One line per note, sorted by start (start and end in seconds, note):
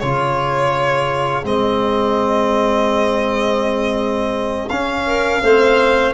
0.00 1.45 C#3
0.00 1.44 F4
0.00 5.06 G#4
0.00 1.45 C#5
1.44 4.70 G#3
1.44 4.69 C4
1.44 4.69 D#5
4.69 5.42 C#4
4.69 5.44 C#4
4.69 6.14 F5
5.06 5.43 A#4
5.42 6.14 A3
5.42 6.14 C4
5.42 6.14 C5